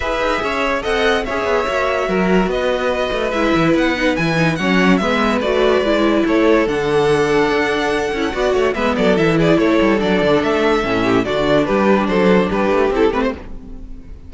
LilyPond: <<
  \new Staff \with { instrumentName = "violin" } { \time 4/4 \tempo 4 = 144 e''2 fis''4 e''4~ | e''2 dis''2 | e''4 fis''4 gis''4 fis''4 | e''4 d''2 cis''4 |
fis''1~ | fis''4 e''8 d''8 e''8 d''8 cis''4 | d''4 e''2 d''4 | b'4 c''4 b'4 a'8 b'16 c''16 | }
  \new Staff \with { instrumentName = "violin" } { \time 4/4 b'4 cis''4 dis''4 cis''4~ | cis''4 ais'4 b'2~ | b'2. cis''4 | b'2. a'4~ |
a'1 | d''8 cis''8 b'8 a'4 gis'8 a'4~ | a'2~ a'8 g'8 fis'4 | g'4 a'4 g'2 | }
  \new Staff \with { instrumentName = "viola" } { \time 4/4 gis'2 a'4 gis'4 | fis'1 | e'4. dis'8 e'8 dis'8 cis'4 | b4 fis'4 e'2 |
d'2.~ d'8 e'8 | fis'4 b4 e'2 | d'2 cis'4 d'4~ | d'2. e'8 c'8 | }
  \new Staff \with { instrumentName = "cello" } { \time 4/4 e'8 dis'8 cis'4 c'4 cis'8 b8 | ais4 fis4 b4. a8 | gis8 e8 b4 e4 fis4 | gis4 a4 gis4 a4 |
d2 d'4. cis'8 | b8 a8 gis8 fis8 e4 a8 g8 | fis8 d8 a4 a,4 d4 | g4 fis4 g8 a8 c'8 a8 | }
>>